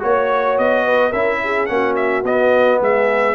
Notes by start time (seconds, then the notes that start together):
0.00 A#3 F#4 C#5
0.59 B3 D#5
0.86 B4
1.10 C#4 E4 A#4 E5
1.44 G#4
1.67 A#3 C#4 F#5
1.73 F#4
1.96 E5
2.24 B3 D#5
2.81 G#3 G#4 E5